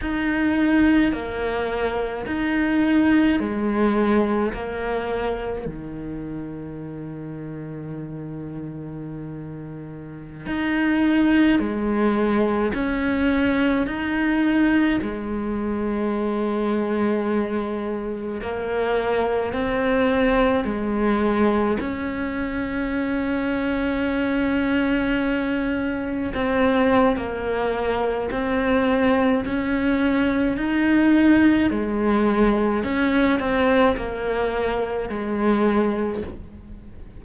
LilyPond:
\new Staff \with { instrumentName = "cello" } { \time 4/4 \tempo 4 = 53 dis'4 ais4 dis'4 gis4 | ais4 dis2.~ | dis4~ dis16 dis'4 gis4 cis'8.~ | cis'16 dis'4 gis2~ gis8.~ |
gis16 ais4 c'4 gis4 cis'8.~ | cis'2.~ cis'16 c'8. | ais4 c'4 cis'4 dis'4 | gis4 cis'8 c'8 ais4 gis4 | }